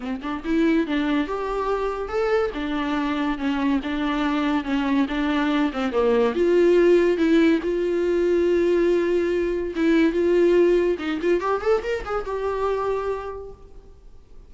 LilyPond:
\new Staff \with { instrumentName = "viola" } { \time 4/4 \tempo 4 = 142 c'8 d'8 e'4 d'4 g'4~ | g'4 a'4 d'2 | cis'4 d'2 cis'4 | d'4. c'8 ais4 f'4~ |
f'4 e'4 f'2~ | f'2. e'4 | f'2 dis'8 f'8 g'8 a'8 | ais'8 gis'8 g'2. | }